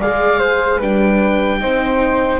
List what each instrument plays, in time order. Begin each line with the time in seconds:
0.00 double bass G#3, viola G#4, flute D5, oboe F5
0.39 flute C5
0.78 double bass G3, viola D4, flute B4, oboe G5
1.60 double bass C4, viola D#4, flute C5